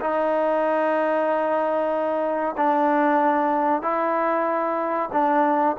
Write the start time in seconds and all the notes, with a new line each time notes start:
0.00 D#4
2.57 D4
3.82 E4
5.12 D4